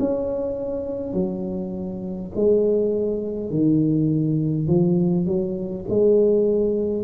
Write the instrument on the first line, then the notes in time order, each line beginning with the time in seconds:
tuba
0.00 C#4
1.13 F#3
2.36 G#3
3.50 D#3
4.68 F3
5.27 F#3
5.90 G#3